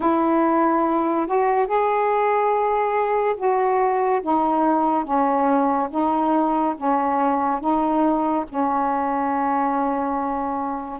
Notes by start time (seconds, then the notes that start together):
0.00 E4
1.27 F#4
1.66 G#4
3.36 F#4
4.22 D#4
5.04 C#4
5.90 D#4
6.76 C#4
7.60 D#4
8.49 C#4